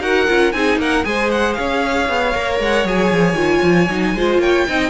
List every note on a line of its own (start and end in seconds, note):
0.00 0.26 D#4
0.00 0.27 F#4
0.00 0.53 A#4
0.00 0.52 F#5
0.28 0.54 C#4
0.28 0.54 F4
0.52 0.77 C4
0.52 1.03 D#4
0.52 0.79 G#4
0.52 0.78 G#5
0.77 1.03 A#3
0.77 1.05 A#4
0.77 1.04 F#5
1.03 1.57 G#3
1.03 2.33 G#4
1.03 1.59 C5
1.03 1.30 G#5
1.31 1.53 F#5
1.53 2.09 C#4
1.53 4.16 C#5
1.53 2.57 F5
2.09 2.34 B3
2.34 2.59 A#3
2.34 2.85 A#4
2.59 2.84 G#3
2.59 2.87 F#5
2.84 3.10 F#3
2.84 3.35 G#4
2.84 4.40 G#5
3.11 3.33 F3
3.33 3.59 D#3
3.33 3.87 F4
3.62 3.88 F3
3.88 4.14 F#3
3.88 4.16 D#4
4.14 4.38 G#3
4.14 4.68 F4
4.14 4.41 C5
4.38 4.64 A#3
4.38 4.67 C#5
4.38 4.90 G5
4.68 4.90 C4
4.68 4.90 D#4
4.68 4.90 D#5